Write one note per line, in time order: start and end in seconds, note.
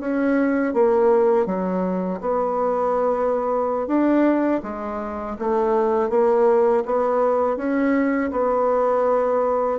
0.00 0.73 C#4
0.73 1.46 A#3
1.46 2.20 F#3
2.21 3.87 B3
3.87 4.61 D4
4.63 5.37 G#3
5.39 6.10 A3
6.10 6.84 A#3
6.86 7.57 B3
7.57 8.31 C#4
8.31 9.79 B3